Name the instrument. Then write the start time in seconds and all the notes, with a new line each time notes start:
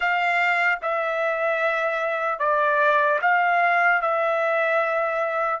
trumpet
0.00 F5
0.82 E5
2.39 D5
3.21 F5
4.01 E5